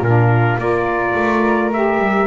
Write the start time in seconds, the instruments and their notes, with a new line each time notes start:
0.00 double bass A#2, saxophone D4, flute F4, trumpet A#4
0.57 double bass A#3, saxophone F4, flute A#4, trumpet D5
1.14 double bass A3
1.73 saxophone G4, trumpet E5
1.98 double bass G3